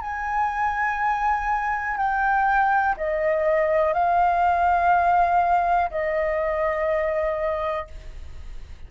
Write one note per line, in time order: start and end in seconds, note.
0.00 1.97 G#5
1.97 2.95 G5
2.97 3.93 D#5
3.93 5.90 F5
5.91 7.87 D#5